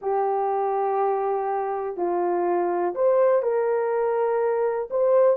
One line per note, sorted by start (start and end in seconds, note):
0.01 1.96 G4
1.96 2.94 F4
2.94 3.42 C5
3.42 4.88 A#4
4.90 5.37 C5